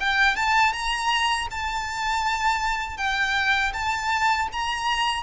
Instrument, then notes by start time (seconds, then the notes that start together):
violin
0.00 G5
0.36 A5
0.73 A#5
1.51 A5
2.97 G5
3.73 A5
4.52 A#5